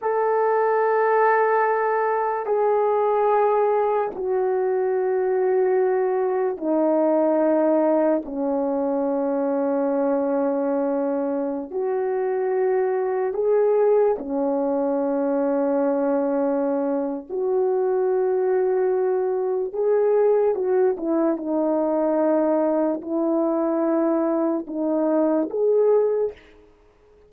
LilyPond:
\new Staff \with { instrumentName = "horn" } { \time 4/4 \tempo 4 = 73 a'2. gis'4~ | gis'4 fis'2. | dis'2 cis'2~ | cis'2~ cis'16 fis'4.~ fis'16~ |
fis'16 gis'4 cis'2~ cis'8.~ | cis'4 fis'2. | gis'4 fis'8 e'8 dis'2 | e'2 dis'4 gis'4 | }